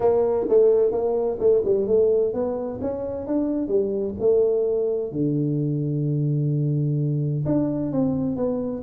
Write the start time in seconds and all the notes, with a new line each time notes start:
0.00 A#3
0.49 A3
0.91 A#3
1.39 A3
1.64 G3
1.87 A3
2.33 B3
2.81 C#4
3.26 D4
3.67 G3
4.19 A3
5.12 D3
7.45 D4
7.92 C4
8.36 B3